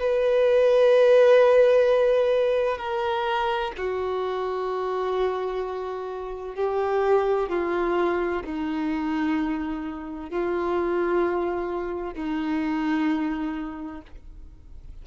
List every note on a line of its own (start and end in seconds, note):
0.00 2.78 B4
2.78 3.72 A#4
3.78 6.56 F#4
6.56 7.50 G4
7.50 8.43 F4
8.45 10.31 D#4
10.31 12.14 F4
12.14 14.02 D#4